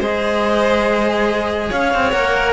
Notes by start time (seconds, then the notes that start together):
0.00 G#3 G#4 C5 D#5
1.70 C#4 C#5 F5
1.94 C4
2.12 A#3 A#4 F#5